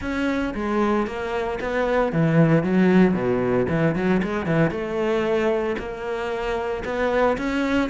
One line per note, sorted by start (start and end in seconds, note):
0.01 0.54 C#4
0.54 1.06 G#3
1.06 1.59 A#3
1.60 2.12 B3
2.12 2.63 E3
2.63 3.13 F#3
3.13 3.66 B2
3.69 3.95 E3
3.95 4.21 F#3
4.22 4.45 G#3
4.45 4.70 E3
4.70 5.76 A3
5.78 6.83 A#3
6.84 7.37 B3
7.37 7.89 C#4